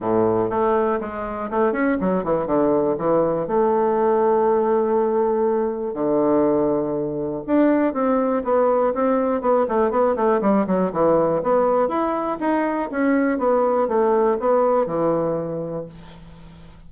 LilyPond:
\new Staff \with { instrumentName = "bassoon" } { \time 4/4 \tempo 4 = 121 a,4 a4 gis4 a8 cis'8 | fis8 e8 d4 e4 a4~ | a1 | d2. d'4 |
c'4 b4 c'4 b8 a8 | b8 a8 g8 fis8 e4 b4 | e'4 dis'4 cis'4 b4 | a4 b4 e2 | }